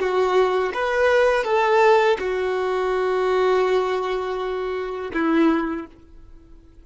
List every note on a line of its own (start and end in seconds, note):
0.00 0.73 F#4
0.74 1.45 B4
1.45 2.18 A4
2.20 5.12 F#4
5.14 5.87 E4